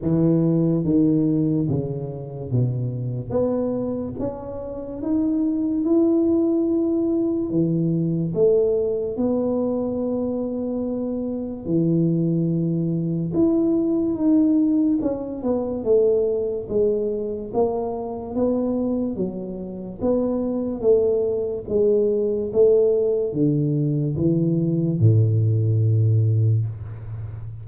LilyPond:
\new Staff \with { instrumentName = "tuba" } { \time 4/4 \tempo 4 = 72 e4 dis4 cis4 b,4 | b4 cis'4 dis'4 e'4~ | e'4 e4 a4 b4~ | b2 e2 |
e'4 dis'4 cis'8 b8 a4 | gis4 ais4 b4 fis4 | b4 a4 gis4 a4 | d4 e4 a,2 | }